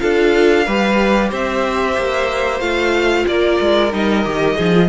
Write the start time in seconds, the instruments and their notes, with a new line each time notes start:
0.00 cello D4, viola F4, violin A4 F5
0.66 cello G3, viola G4, violin B4
1.30 cello C4, violin C5 E5
1.98 cello A#3
2.61 cello A3, viola F4, violin F5
3.27 cello A#3, violin A#4 D5
3.61 cello G#3
3.92 cello G3, viola D#4, violin D#5
4.24 cello D#3, viola G4
4.56 cello F3, viola D#4, violin G#4
4.74 viola F4